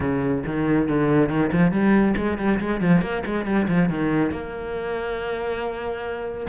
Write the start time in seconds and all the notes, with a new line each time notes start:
0.00 C#3
0.46 D#3
0.88 D3
1.29 D#3
1.52 F3
1.71 G3
2.16 G#3
2.38 G3
2.60 G#3
2.80 F3
3.01 A#3
3.25 G#3
3.45 G3
3.67 F3
3.89 D#3
4.31 A#3